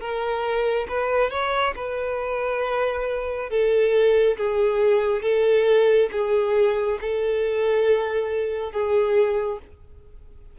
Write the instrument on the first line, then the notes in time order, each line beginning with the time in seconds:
violin
0.00 A#4
0.88 B4
1.30 C#5
1.75 B4
3.49 A4
4.37 G#4
5.22 A4
6.11 G#4
7.01 A4
8.72 G#4